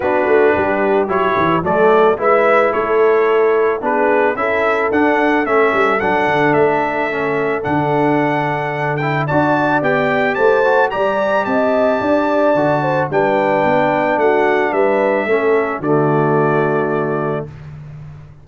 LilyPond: <<
  \new Staff \with { instrumentName = "trumpet" } { \time 4/4 \tempo 4 = 110 b'2 cis''4 d''4 | e''4 cis''2 b'4 | e''4 fis''4 e''4 fis''4 | e''2 fis''2~ |
fis''8 g''8 a''4 g''4 a''4 | ais''4 a''2. | g''2 fis''4 e''4~ | e''4 d''2. | }
  \new Staff \with { instrumentName = "horn" } { \time 4/4 fis'4 g'2 a'4 | b'4 a'2 gis'4 | a'1~ | a'1~ |
a'4 d''2 c''4 | d''4 dis''4 d''4. c''8 | b'2 fis'4 b'4 | a'4 fis'2. | }
  \new Staff \with { instrumentName = "trombone" } { \time 4/4 d'2 e'4 a4 | e'2. d'4 | e'4 d'4 cis'4 d'4~ | d'4 cis'4 d'2~ |
d'8 e'8 fis'4 g'4. fis'8 | g'2. fis'4 | d'1 | cis'4 a2. | }
  \new Staff \with { instrumentName = "tuba" } { \time 4/4 b8 a8 g4 fis8 e8 fis4 | gis4 a2 b4 | cis'4 d'4 a8 g8 fis8 d8 | a2 d2~ |
d4 d'4 b4 a4 | g4 c'4 d'4 d4 | g4 b4 a4 g4 | a4 d2. | }
>>